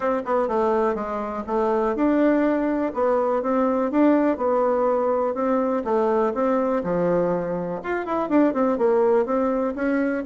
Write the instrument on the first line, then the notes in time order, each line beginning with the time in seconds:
bassoon
0.00 C4
0.25 B3
0.47 A3
0.94 G#3
1.46 A3
1.95 D4
2.94 B3
3.42 C4
3.91 D4
4.37 B3
5.34 C4
5.84 A3
6.33 C4
6.83 F3
7.83 F4
8.05 E4
8.29 D4
8.53 C4
8.78 A#3
9.25 C4
9.75 C#4